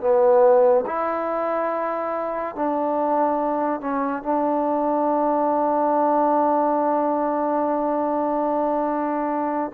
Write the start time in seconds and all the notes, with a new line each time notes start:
0.00 B3
0.86 E4
2.55 D4
3.80 C#4
4.22 D4